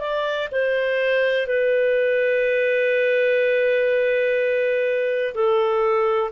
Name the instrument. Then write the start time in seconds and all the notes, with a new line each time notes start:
clarinet
0.00 D5
0.51 C5
1.47 B4
5.34 A4